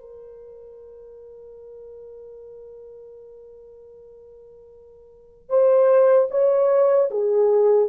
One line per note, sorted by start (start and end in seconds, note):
0.00 5.49 A#4
5.49 6.28 C5
6.31 7.09 C#5
7.10 7.89 G#4